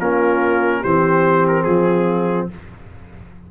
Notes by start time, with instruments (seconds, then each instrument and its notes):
0.00 tuba A#3, trombone C#4, horn F4, trumpet A#4
0.81 tuba E3, trombone C4, horn G4, trumpet C5
1.48 trumpet A#4
1.64 tuba F3, horn F4, trumpet G#4